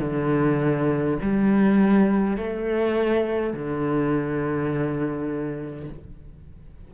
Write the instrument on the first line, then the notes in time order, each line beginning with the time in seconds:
cello
0.00 D3
1.21 G3
2.37 A3
3.53 D3